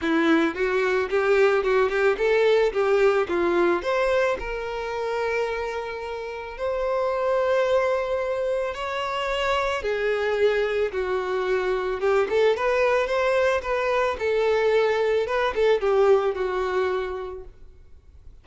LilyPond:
\new Staff \with { instrumentName = "violin" } { \time 4/4 \tempo 4 = 110 e'4 fis'4 g'4 fis'8 g'8 | a'4 g'4 f'4 c''4 | ais'1 | c''1 |
cis''2 gis'2 | fis'2 g'8 a'8 b'4 | c''4 b'4 a'2 | b'8 a'8 g'4 fis'2 | }